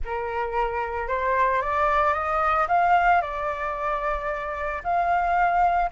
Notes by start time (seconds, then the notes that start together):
0.05 A#4
1.08 C5
1.61 D5
2.13 D#5
2.68 F5
3.21 D5
4.83 F5